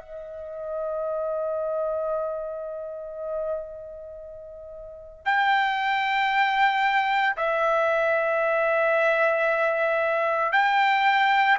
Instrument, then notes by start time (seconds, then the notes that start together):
trumpet
0.00 D#5
5.25 G5
7.37 E5
10.52 G5